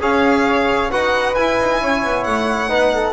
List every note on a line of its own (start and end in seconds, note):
0.00 0.90 C#4
0.00 0.90 G#4
0.00 0.91 C#5
0.00 0.91 F5
0.91 1.37 D#4
0.91 1.36 F#4
0.91 1.81 B4
0.91 1.35 F#5
1.35 2.68 E4
1.35 1.59 E4
1.35 2.24 G#5
1.59 1.82 D#4
1.82 2.04 C#4
1.82 2.69 C#5
2.04 2.27 B3
2.24 2.70 A3
2.24 3.13 F#5
2.68 3.13 B3
2.68 3.13 D#4
2.68 2.91 B4
2.94 3.13 A4